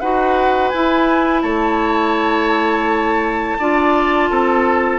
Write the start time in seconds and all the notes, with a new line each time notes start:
0.00 D#4 F#4 B4 F#5
0.69 E4 G#5
1.42 A3 C#5 A5
3.59 D4 F4 D5
4.30 C4 A4